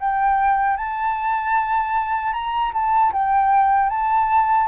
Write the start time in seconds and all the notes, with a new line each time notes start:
0.00 G5
0.77 A5
2.33 A#5
2.73 A5
3.12 G5
3.90 A5